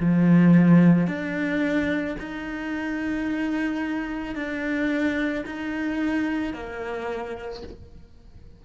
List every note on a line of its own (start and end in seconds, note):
0.00 1.07 F3
1.07 2.16 D4
2.19 4.35 D#4
4.35 5.44 D4
5.46 6.54 D#4
6.54 7.63 A#3